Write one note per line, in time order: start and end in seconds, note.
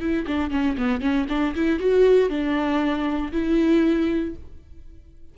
0.00 0.26 E4
0.27 0.50 D4
0.50 0.76 C#4
0.77 1.01 B3
1.01 1.26 C#4
1.29 1.55 D4
1.55 1.79 E4
1.79 2.29 F#4
2.29 3.32 D4
3.32 4.34 E4